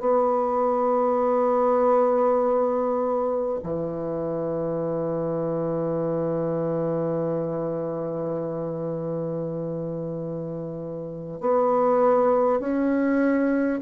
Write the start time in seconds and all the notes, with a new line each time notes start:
0.00 B3
3.63 E3
11.41 B3
12.60 C#4